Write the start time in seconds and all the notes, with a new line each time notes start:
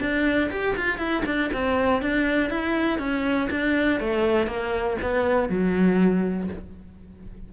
0.00 D4
0.50 G4
0.76 F4
0.98 E4
1.25 D4
1.53 C4
2.02 D4
2.50 E4
2.99 C#4
3.50 D4
4.00 A3
4.47 A#3
5.02 B3
5.49 F#3